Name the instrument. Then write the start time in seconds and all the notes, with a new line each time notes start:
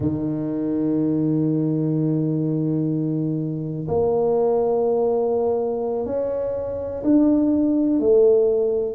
tuba
0.00 D#3
3.88 A#3
6.05 C#4
7.03 D4
7.99 A3